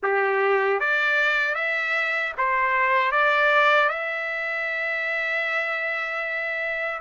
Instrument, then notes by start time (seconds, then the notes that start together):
trumpet
0.02 G4
0.80 D5
1.54 E5
2.37 C5
3.11 D5
3.89 E5